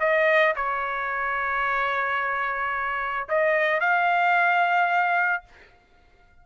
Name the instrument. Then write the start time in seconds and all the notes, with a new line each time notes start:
trumpet
0.00 D#5
0.56 C#5
3.29 D#5
3.80 F5